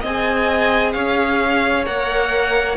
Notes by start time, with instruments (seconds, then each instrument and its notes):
0.00 cello C4, viola G#4, violin D#5 G#5
0.92 cello C#4, violin C#5 F5
1.85 cello A#3, viola A#4, violin F#5